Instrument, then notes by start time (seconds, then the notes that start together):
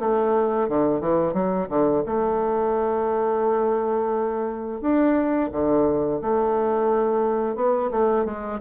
bassoon
0.00 A3
0.69 D3
1.01 E3
1.34 F#3
1.69 D3
2.06 A3
4.81 D4
5.52 D3
6.22 A3
7.56 B3
7.92 A3
8.25 G#3